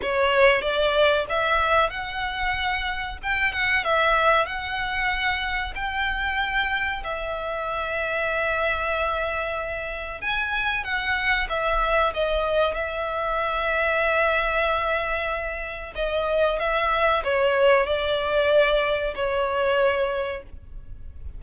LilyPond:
\new Staff \with { instrumentName = "violin" } { \time 4/4 \tempo 4 = 94 cis''4 d''4 e''4 fis''4~ | fis''4 g''8 fis''8 e''4 fis''4~ | fis''4 g''2 e''4~ | e''1 |
gis''4 fis''4 e''4 dis''4 | e''1~ | e''4 dis''4 e''4 cis''4 | d''2 cis''2 | }